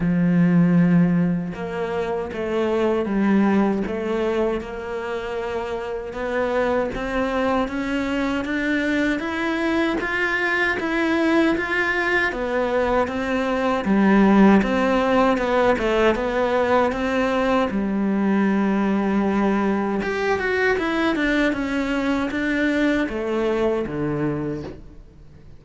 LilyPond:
\new Staff \with { instrumentName = "cello" } { \time 4/4 \tempo 4 = 78 f2 ais4 a4 | g4 a4 ais2 | b4 c'4 cis'4 d'4 | e'4 f'4 e'4 f'4 |
b4 c'4 g4 c'4 | b8 a8 b4 c'4 g4~ | g2 g'8 fis'8 e'8 d'8 | cis'4 d'4 a4 d4 | }